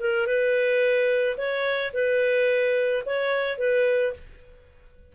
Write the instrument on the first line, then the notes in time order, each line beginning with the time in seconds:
clarinet
0.00 A#4
0.27 B4
1.37 C#5
1.93 B4
3.06 C#5
3.58 B4